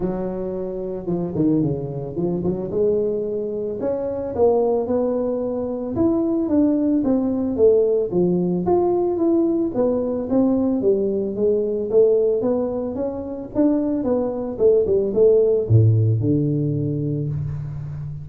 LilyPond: \new Staff \with { instrumentName = "tuba" } { \time 4/4 \tempo 4 = 111 fis2 f8 dis8 cis4 | f8 fis8 gis2 cis'4 | ais4 b2 e'4 | d'4 c'4 a4 f4 |
f'4 e'4 b4 c'4 | g4 gis4 a4 b4 | cis'4 d'4 b4 a8 g8 | a4 a,4 d2 | }